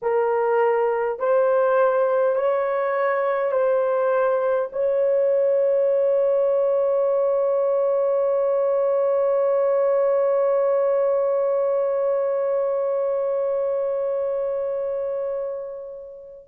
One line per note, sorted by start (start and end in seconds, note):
0.02 1.19 A#4
1.19 2.35 C5
2.35 3.51 C#5
3.51 4.69 C5
4.72 16.47 C#5